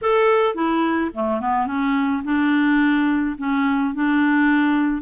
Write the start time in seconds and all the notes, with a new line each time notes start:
0.01 A4
0.54 E4
1.14 A3
1.40 B3
1.66 C#4
2.24 D4
3.38 C#4
3.94 D4